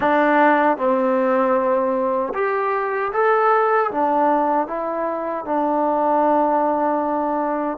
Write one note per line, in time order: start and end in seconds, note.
0.00 0.77 D4
0.77 2.33 C4
2.34 3.12 G4
3.12 3.90 A4
3.91 4.67 D4
4.67 5.45 E4
5.45 7.77 D4